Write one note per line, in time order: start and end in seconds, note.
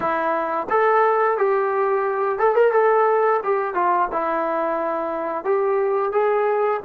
0.00 0.67 E4
0.69 1.37 A4
1.37 2.38 G4
2.38 2.55 A4
2.55 2.72 A#4
2.72 3.40 A4
3.43 3.74 G4
3.74 4.08 F4
4.12 5.44 E4
5.44 6.12 G4
6.12 6.80 G#4